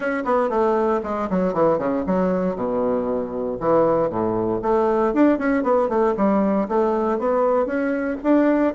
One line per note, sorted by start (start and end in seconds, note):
0.00 0.23 C#4
0.24 0.49 B3
0.49 1.00 A3
1.03 1.28 G#3
1.30 1.53 F#3
1.53 1.78 E3
1.78 2.04 C#3
2.06 2.55 F#3
2.55 3.58 B2
3.60 4.09 E3
4.09 4.60 A2
4.62 5.13 A3
5.13 5.38 D4
5.38 5.63 C#4
5.63 5.88 B3
5.88 6.14 A3
6.16 6.68 G3
6.68 7.18 A3
7.18 7.65 B3
7.65 8.17 C#4
8.23 8.74 D4